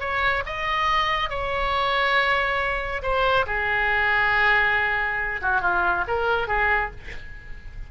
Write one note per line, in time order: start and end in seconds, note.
0.00 0.43 C#5
0.46 1.29 D#5
1.29 3.02 C#5
3.02 3.46 C5
3.47 5.41 G#4
5.42 5.61 F#4
5.61 6.05 F4
6.08 6.48 A#4
6.48 6.91 G#4